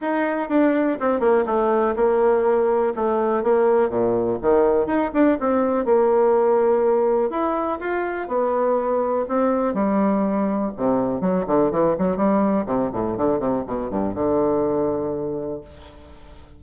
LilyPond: \new Staff \with { instrumentName = "bassoon" } { \time 4/4 \tempo 4 = 123 dis'4 d'4 c'8 ais8 a4 | ais2 a4 ais4 | ais,4 dis4 dis'8 d'8 c'4 | ais2. e'4 |
f'4 b2 c'4 | g2 c4 fis8 d8 | e8 fis8 g4 c8 a,8 d8 c8 | b,8 g,8 d2. | }